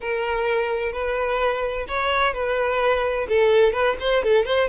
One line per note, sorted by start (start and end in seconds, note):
0.00 0.92 A#4
0.92 1.86 B4
1.88 2.33 C#5
2.33 3.27 B4
3.28 3.72 A4
3.72 3.96 B4
4.00 4.23 C5
4.23 4.45 A4
4.45 4.68 C5